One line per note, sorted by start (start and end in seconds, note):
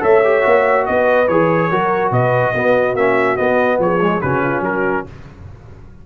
0.00 0.45 A3
0.00 0.21 A4
0.00 0.86 C#5
0.00 0.86 E5
0.24 0.42 G4
0.42 0.88 A#3
0.42 1.26 F#4
0.86 1.28 B3
0.86 1.71 B4
0.86 1.28 D#5
1.28 1.70 E3
1.28 1.71 G#4
1.28 2.12 C#5
1.71 2.11 F#3
1.71 2.55 F#4
1.71 2.12 A#4
2.11 2.53 B2
2.11 2.53 B4
2.11 2.96 D#5
2.53 2.95 B3
2.53 2.97 B3
2.53 3.78 F#4
2.95 3.37 A#3
2.95 3.37 C#4
2.95 3.37 E5
3.37 3.99 B3
3.37 3.78 B3
3.37 3.78 D#5
3.78 4.20 F3
3.78 4.23 G#4
3.78 4.21 C#5
4.01 4.22 G#3
4.21 4.61 C#3
4.21 5.06 C#4
4.21 4.43 F#4
4.21 4.63 B4
4.43 4.64 F4
4.61 5.03 F#3
4.61 5.06 F#4
4.61 5.06 A#4